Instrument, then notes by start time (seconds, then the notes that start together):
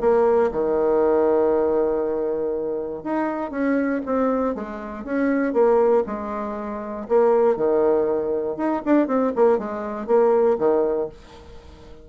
bassoon
0.00 A#3
0.51 D#3
3.03 D#4
3.50 C#4
4.05 C4
4.54 G#3
5.04 C#4
5.53 A#3
6.06 G#3
7.08 A#3
7.56 D#3
8.56 D#4
8.85 D4
9.07 C4
9.35 A#3
9.58 G#3
10.06 A#3
10.58 D#3